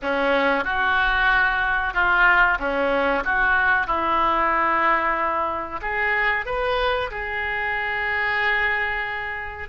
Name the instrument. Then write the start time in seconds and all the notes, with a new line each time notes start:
oboe
0.02 C#4
0.64 F#4
1.93 F4
2.59 C#4
3.24 F#4
3.86 E4
5.81 G#4
6.45 B4
7.10 G#4